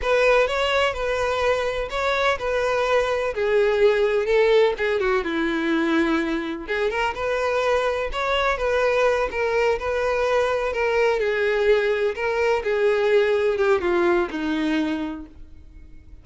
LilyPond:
\new Staff \with { instrumentName = "violin" } { \time 4/4 \tempo 4 = 126 b'4 cis''4 b'2 | cis''4 b'2 gis'4~ | gis'4 a'4 gis'8 fis'8 e'4~ | e'2 gis'8 ais'8 b'4~ |
b'4 cis''4 b'4. ais'8~ | ais'8 b'2 ais'4 gis'8~ | gis'4. ais'4 gis'4.~ | gis'8 g'8 f'4 dis'2 | }